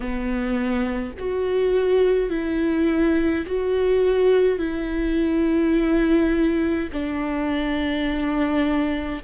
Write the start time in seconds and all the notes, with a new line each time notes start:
0.00 B3
1.19 F#4
2.29 E4
3.46 F#4
4.58 E4
6.92 D4